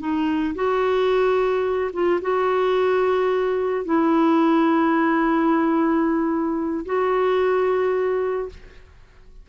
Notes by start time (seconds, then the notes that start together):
0.00 D#4
0.55 F#4
1.93 F4
2.21 F#4
3.85 E4
6.85 F#4